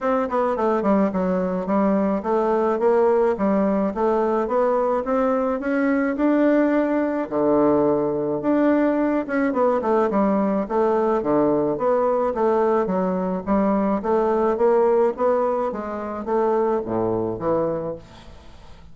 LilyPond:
\new Staff \with { instrumentName = "bassoon" } { \time 4/4 \tempo 4 = 107 c'8 b8 a8 g8 fis4 g4 | a4 ais4 g4 a4 | b4 c'4 cis'4 d'4~ | d'4 d2 d'4~ |
d'8 cis'8 b8 a8 g4 a4 | d4 b4 a4 fis4 | g4 a4 ais4 b4 | gis4 a4 a,4 e4 | }